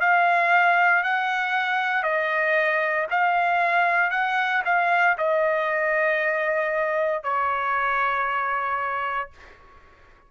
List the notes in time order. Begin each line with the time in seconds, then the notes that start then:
0.00 F5
1.03 F#5
2.03 D#5
3.10 F5
4.11 F#5
4.65 F5
5.18 D#5
7.23 C#5